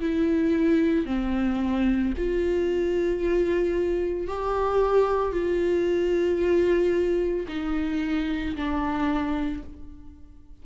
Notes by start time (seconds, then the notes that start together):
0.00 E4
1.06 C4
2.18 F4
4.28 G4
5.32 F4
7.49 D#4
8.56 D4